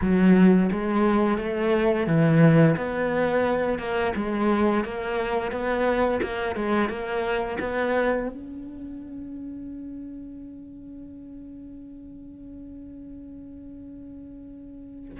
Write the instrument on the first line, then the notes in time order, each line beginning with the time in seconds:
cello
0.01 F#3
0.71 G#3
1.38 A3
2.07 E3
2.76 B3
3.78 A#3
4.15 G#3
4.84 A#3
5.51 B3
6.22 A#3
6.55 G#3
6.89 A#3
7.59 B3
8.29 C#4